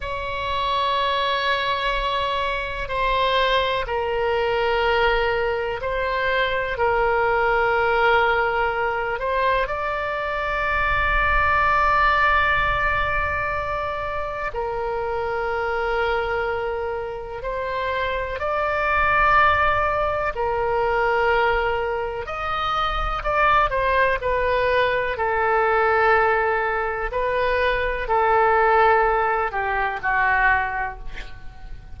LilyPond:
\new Staff \with { instrumentName = "oboe" } { \time 4/4 \tempo 4 = 62 cis''2. c''4 | ais'2 c''4 ais'4~ | ais'4. c''8 d''2~ | d''2. ais'4~ |
ais'2 c''4 d''4~ | d''4 ais'2 dis''4 | d''8 c''8 b'4 a'2 | b'4 a'4. g'8 fis'4 | }